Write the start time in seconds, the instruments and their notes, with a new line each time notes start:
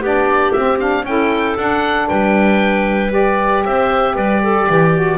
0.00 double bass B3, saxophone D4, clarinet G4, oboe D5
0.52 double bass C4, saxophone C4, oboe E5
0.79 saxophone D4, oboe F5
1.03 double bass C#4, saxophone E4, clarinet A4, oboe G5
1.56 double bass D4, saxophone D4, oboe F#5
2.08 double bass G3, clarinet B4, oboe G5
3.09 saxophone G4, oboe D5
3.65 double bass C4, clarinet C5, oboe E5
4.14 double bass G3, clarinet B4, oboe D5
4.42 clarinet A4
4.69 double bass E3, clarinet G4
4.94 saxophone F#4